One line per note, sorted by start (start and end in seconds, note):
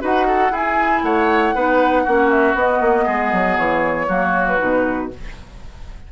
0.00 0.51 D#4
0.00 0.51 F#4
0.00 0.26 B4
0.00 0.54 F#5
0.27 0.52 A4
0.51 1.01 E4
0.51 1.55 E4
0.51 1.03 G#4
0.51 1.03 G#5
1.03 1.54 A3
1.03 1.55 C#5
1.03 2.31 F#5
1.55 2.06 B3
1.55 2.06 D#4
1.55 2.03 B4
2.03 2.54 A#3
2.03 2.56 C#4
2.03 3.04 F#4
2.31 2.56 E5
2.54 2.80 B3
2.54 4.07 B3
2.54 3.58 D#5
2.81 3.06 A#3
3.05 3.32 G#3
3.05 4.07 G#4
3.32 3.57 F#3
3.57 4.08 E3
3.57 4.47 C#5
4.07 4.59 F#3
4.07 4.58 A#3
4.07 5.10 F#4
4.47 5.11 B4
4.58 5.12 B2
4.58 5.09 D#4